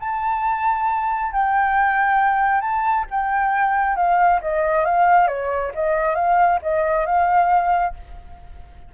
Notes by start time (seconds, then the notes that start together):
0.00 A5
1.32 G5
2.61 A5
3.10 G5
3.96 F5
4.41 D#5
4.85 F5
5.27 C#5
5.74 D#5
6.15 F5
6.62 D#5
7.06 F5